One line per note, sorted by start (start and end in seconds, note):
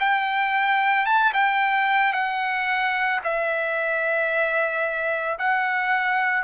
0.00 1.06 G5
1.06 1.32 A5
1.33 2.13 G5
2.13 3.20 F#5
3.24 5.38 E5
5.39 6.43 F#5